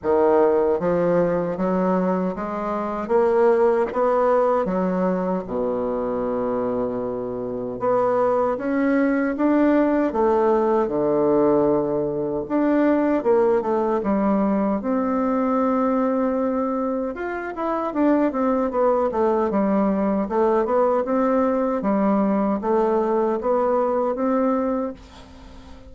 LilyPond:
\new Staff \with { instrumentName = "bassoon" } { \time 4/4 \tempo 4 = 77 dis4 f4 fis4 gis4 | ais4 b4 fis4 b,4~ | b,2 b4 cis'4 | d'4 a4 d2 |
d'4 ais8 a8 g4 c'4~ | c'2 f'8 e'8 d'8 c'8 | b8 a8 g4 a8 b8 c'4 | g4 a4 b4 c'4 | }